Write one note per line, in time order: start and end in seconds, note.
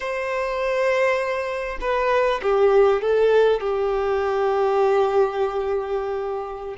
0.00 1.78 C5
1.80 2.40 B4
2.42 3.01 G4
3.01 3.60 A4
3.60 6.75 G4